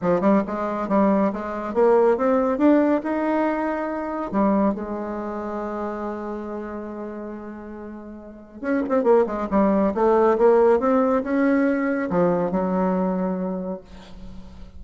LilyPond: \new Staff \with { instrumentName = "bassoon" } { \time 4/4 \tempo 4 = 139 f8 g8 gis4 g4 gis4 | ais4 c'4 d'4 dis'4~ | dis'2 g4 gis4~ | gis1~ |
gis1 | cis'8 c'8 ais8 gis8 g4 a4 | ais4 c'4 cis'2 | f4 fis2. | }